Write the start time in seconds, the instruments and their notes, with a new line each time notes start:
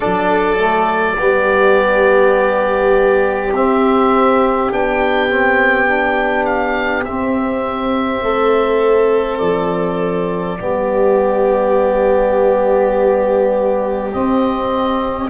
0.00 tuba F#3, trombone D4, violin A4, oboe D5
0.57 trombone A3
1.17 tuba G3, trombone B3, violin G4
3.52 tuba C4, trombone C4, oboe E5
4.71 tuba B3, trombone D4, oboe G5
5.29 trombone C4
5.87 trombone D4
6.45 oboe F5
7.04 trombone C4, tuba C4, oboe E5
8.22 tuba A3, violin A4
9.38 tuba F3, oboe D5
10.58 tuba G3, trombone B3, violin G4
14.12 trombone C4, tuba C4, oboe D#5